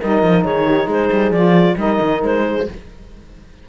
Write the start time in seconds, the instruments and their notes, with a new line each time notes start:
0.00 cello G3, saxophone D#4, horn A#4, clarinet D#5
0.22 cello F3
0.44 cello D#3, horn G#4, clarinet C#5
0.67 horn G4
0.86 cello G#3, horn G#4, clarinet C5
1.13 cello G3
1.31 cello F3, saxophone F4, clarinet D5
1.76 cello G3, saxophone D#4, horn A#4, clarinet D#5
2.01 cello D#3
2.23 cello G#3, clarinet C5
2.46 horn G#4